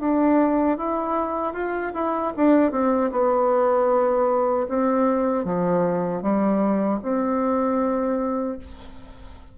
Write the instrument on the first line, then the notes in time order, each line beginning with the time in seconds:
bassoon
0.00 D4
0.78 E4
1.54 F4
1.94 E4
2.37 D4
2.72 C4
3.12 B3
4.69 C4
5.45 F3
6.22 G3
7.03 C4